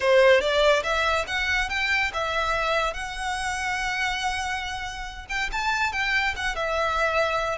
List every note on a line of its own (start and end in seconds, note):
0.00 0.40 C5
0.40 0.83 D5
0.83 1.25 E5
1.27 1.69 F#5
1.69 2.11 G5
2.13 2.93 E5
2.93 5.25 F#5
5.29 5.50 G5
5.51 5.92 A5
5.92 6.34 G5
6.36 6.55 F#5
6.55 7.57 E5